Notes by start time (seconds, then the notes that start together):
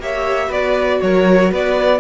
0.00 A#3 G4 C#5 E5
0.49 B3 F#4 B4 D5
1.02 F#3 A#4 C#5
1.51 B3 B4 D5